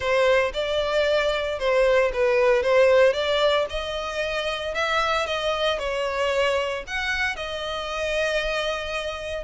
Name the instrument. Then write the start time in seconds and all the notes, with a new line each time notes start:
violin
0.00 C5
0.53 D5
1.59 C5
2.13 B4
2.62 C5
3.13 D5
3.69 D#5
4.74 E5
5.26 D#5
5.78 C#5
6.87 F#5
7.36 D#5